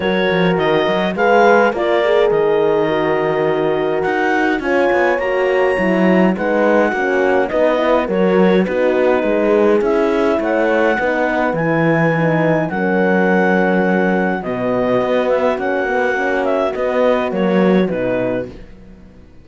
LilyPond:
<<
  \new Staff \with { instrumentName = "clarinet" } { \time 4/4 \tempo 4 = 104 cis''4 dis''4 f''4 d''4 | dis''2. fis''4 | gis''4 ais''2 fis''4~ | fis''4 dis''4 cis''4 b'4~ |
b'4 e''4 fis''2 | gis''2 fis''2~ | fis''4 dis''4. e''8 fis''4~ | fis''8 e''8 dis''4 cis''4 b'4 | }
  \new Staff \with { instrumentName = "horn" } { \time 4/4 ais'2 b'4 ais'4~ | ais'1 | cis''2. b'4 | fis'4 b'4 ais'4 fis'4 |
gis'2 cis''4 b'4~ | b'2 ais'2~ | ais'4 fis'2.~ | fis'1 | }
  \new Staff \with { instrumentName = "horn" } { \time 4/4 fis'2 gis'4 f'8 gis'8~ | gis'4 fis'2. | f'4 fis'4 e'4 dis'4 | cis'4 dis'8 e'8 fis'4 dis'4~ |
dis'4 e'2 dis'4 | e'4 dis'4 cis'2~ | cis'4 b2 cis'8 b8 | cis'4 b4 ais4 dis'4 | }
  \new Staff \with { instrumentName = "cello" } { \time 4/4 fis8 f8 dis8 fis8 gis4 ais4 | dis2. dis'4 | cis'8 b8 ais4 fis4 gis4 | ais4 b4 fis4 b4 |
gis4 cis'4 a4 b4 | e2 fis2~ | fis4 b,4 b4 ais4~ | ais4 b4 fis4 b,4 | }
>>